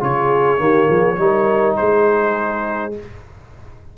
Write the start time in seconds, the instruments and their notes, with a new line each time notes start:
0.00 tuba C#3, trombone F4, horn G#4, trumpet C#5
0.58 tuba D#3, trombone A#3, horn G4
0.88 tuba F3, horn G#4
1.17 tuba G3, trombone D#4, horn A#4
1.76 tuba G#3, horn G#4, trumpet C5